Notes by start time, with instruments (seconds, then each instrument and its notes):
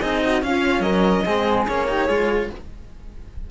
0.00 cello C4 D#4, flute G#4, violin D#5
0.23 flute F#4
0.42 cello C#4, flute F4, violin F5
0.80 cello F#3, flute A#4, violin D#5
1.25 cello G#3 C4, flute G#4
1.67 cello A#3 C#4, violin C#5
1.88 cello D#4, flute G4
2.06 cello G#3 F4, flute G#4